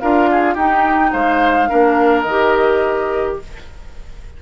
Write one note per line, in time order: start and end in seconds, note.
0.00 0.56 D4
0.00 0.58 F4
0.00 0.30 A#4
0.00 0.56 F5
0.31 0.54 G#4
0.54 1.12 D#4
0.54 1.69 D#4
0.54 1.11 G4
0.54 1.13 G5
1.13 1.70 G#3
1.13 1.69 C5
1.13 2.22 F5
1.69 2.25 A#3
1.69 2.25 D4
1.69 3.38 A#4
2.22 3.37 D#3
2.22 3.34 D#5
2.30 3.43 G4